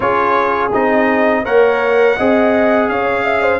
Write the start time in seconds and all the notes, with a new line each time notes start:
0.00 C#4 F4 G#4 C#5
0.72 C4 D#4 D#5
1.44 A#3 A#4 C#5 F#5
2.17 C4 G#4 D#5
2.89 C#4 C#5 F5
3.24 E5
3.42 C5